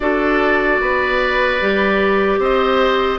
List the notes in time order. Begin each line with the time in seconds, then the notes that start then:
0.00 D4 F#4 A4 D5
0.81 B3 B4
1.60 G3 G4
2.38 C4 C5 D#5